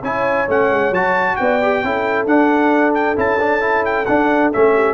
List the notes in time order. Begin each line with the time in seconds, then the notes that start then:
0.00 C#4 E4 C#5 G#5
0.48 A3 C#4 F#5
0.71 G#3
0.91 F#3 F#4 A5
1.37 B3 D5 G5
1.62 G4
1.84 C#4 E4 A4
2.27 D4 F#5
2.95 G5
3.17 C#4 E4 A5
3.40 D4
3.61 E4
3.86 G5
4.06 D4 F#5
4.53 A3 C#4 E5
4.75 G4